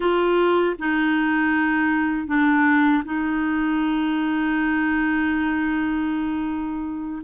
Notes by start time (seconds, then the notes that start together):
0.00 F4
0.78 D#4
2.27 D4
3.04 D#4